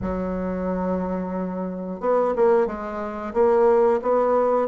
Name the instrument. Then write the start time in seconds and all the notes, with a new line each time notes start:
bassoon
0.01 F#3
2.00 B3
2.35 A#3
2.66 G#3
3.33 A#3
4.02 B3